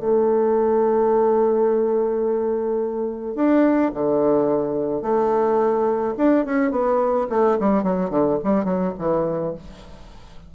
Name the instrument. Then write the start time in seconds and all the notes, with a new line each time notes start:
bassoon
0.00 A3
3.35 D4
3.94 D3
5.02 A3
6.17 D4
6.45 C#4
6.71 B3
7.30 A3
7.60 G3
7.83 F#3
8.10 D3
8.44 G3
8.65 F#3
8.98 E3